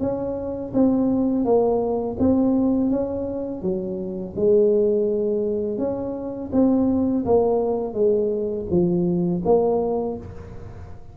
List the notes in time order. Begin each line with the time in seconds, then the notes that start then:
0.00 C#4
0.74 C4
1.45 A#3
2.19 C4
2.90 C#4
3.62 F#3
4.36 G#3
5.78 C#4
6.53 C4
7.25 A#3
7.94 G#3
8.70 F3
9.45 A#3